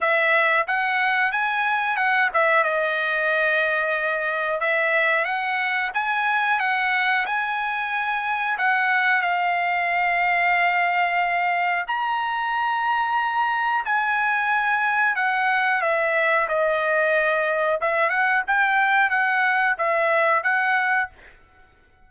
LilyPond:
\new Staff \with { instrumentName = "trumpet" } { \time 4/4 \tempo 4 = 91 e''4 fis''4 gis''4 fis''8 e''8 | dis''2. e''4 | fis''4 gis''4 fis''4 gis''4~ | gis''4 fis''4 f''2~ |
f''2 ais''2~ | ais''4 gis''2 fis''4 | e''4 dis''2 e''8 fis''8 | g''4 fis''4 e''4 fis''4 | }